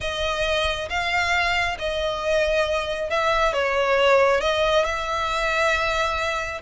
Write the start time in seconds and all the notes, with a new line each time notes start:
0.00 D#5
0.89 F5
1.78 D#5
3.10 E5
3.53 C#5
4.40 D#5
4.84 E5